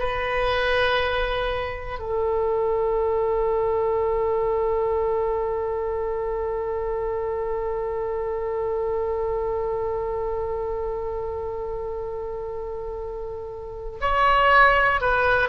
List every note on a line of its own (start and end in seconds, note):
0.00 2.00 B4
2.00 14.00 A4
14.01 15.01 C#5
15.01 15.50 B4